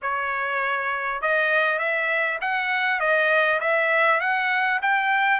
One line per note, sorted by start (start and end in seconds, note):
0.01 1.21 C#5
1.21 1.78 D#5
1.78 2.38 E5
2.41 3.00 F#5
3.00 3.60 D#5
3.60 4.20 E5
4.20 4.80 F#5
4.82 5.39 G5